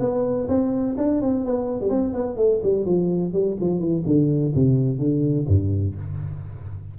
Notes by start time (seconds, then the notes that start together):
0.00 B3
0.48 C4
0.98 D4
1.21 C4
1.45 B3
1.81 G3
1.90 C4
2.13 B3
2.37 A3
2.63 G3
2.85 F3
3.33 G3
3.60 F3
3.80 E3
4.06 D3
4.55 C3
4.99 D3
5.48 G2